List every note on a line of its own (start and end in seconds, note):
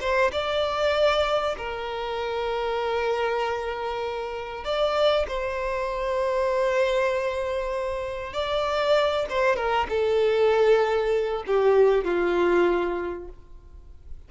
0.00 0.31 C5
0.32 1.55 D5
1.57 4.64 A#4
4.64 5.26 D5
5.28 8.33 C5
8.33 9.26 D5
9.30 9.56 C5
9.56 9.87 A#4
9.89 11.43 A4
11.47 12.04 G4
12.04 13.28 F4